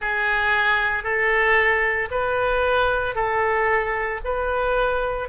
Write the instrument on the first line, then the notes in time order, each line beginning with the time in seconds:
oboe
0.00 G#4
1.03 A4
2.11 B4
3.15 A4
4.24 B4